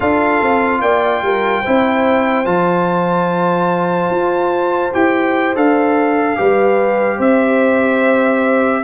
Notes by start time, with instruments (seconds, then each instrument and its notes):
0.00 tuba D4, trombone F4, horn A4, trumpet F5
0.41 tuba C4
0.81 tuba A#3, horn D5, trumpet G5
1.22 tuba G3, horn A#4
1.61 tuba C4, trombone E4, horn C5
2.45 tuba F3, trombone F4, trumpet A5
4.09 tuba F4
4.93 tuba E4, trombone G4, trumpet G5
5.55 tuba D4, trombone A4, trumpet F5
6.36 tuba G3, trombone G4, horn B4
7.16 tuba C4, horn C5, trumpet E5